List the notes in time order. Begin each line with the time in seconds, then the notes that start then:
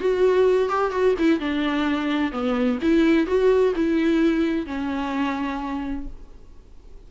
0.00 F#4
0.69 G4
0.91 F#4
1.19 E4
1.40 D4
2.32 B3
2.82 E4
3.27 F#4
3.76 E4
4.67 C#4